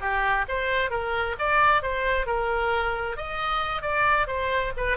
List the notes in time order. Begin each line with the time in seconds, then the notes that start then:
0.00 G4
0.48 C5
0.90 A#4
1.39 D5
1.82 C5
2.26 A#4
3.16 D#5
3.82 D5
4.27 C5
4.77 B4